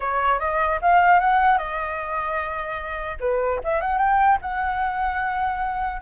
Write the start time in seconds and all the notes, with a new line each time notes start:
0.00 C#5
0.39 D#5
0.81 F5
1.20 F#5
1.58 D#5
3.20 B4
3.63 E5
3.80 F#5
3.98 G5
4.41 F#5